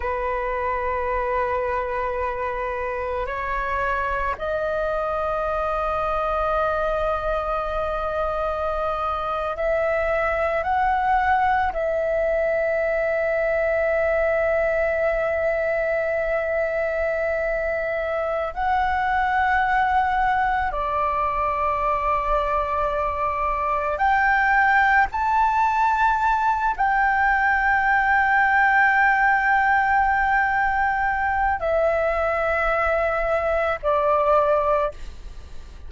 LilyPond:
\new Staff \with { instrumentName = "flute" } { \time 4/4 \tempo 4 = 55 b'2. cis''4 | dis''1~ | dis''8. e''4 fis''4 e''4~ e''16~ | e''1~ |
e''4 fis''2 d''4~ | d''2 g''4 a''4~ | a''8 g''2.~ g''8~ | g''4 e''2 d''4 | }